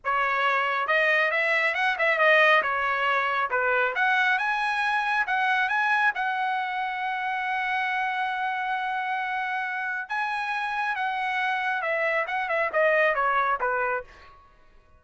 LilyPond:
\new Staff \with { instrumentName = "trumpet" } { \time 4/4 \tempo 4 = 137 cis''2 dis''4 e''4 | fis''8 e''8 dis''4 cis''2 | b'4 fis''4 gis''2 | fis''4 gis''4 fis''2~ |
fis''1~ | fis''2. gis''4~ | gis''4 fis''2 e''4 | fis''8 e''8 dis''4 cis''4 b'4 | }